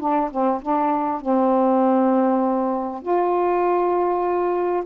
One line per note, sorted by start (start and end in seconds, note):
0.00 0.30 D4
0.31 0.61 C4
0.62 1.21 D4
1.21 3.02 C4
3.02 4.84 F4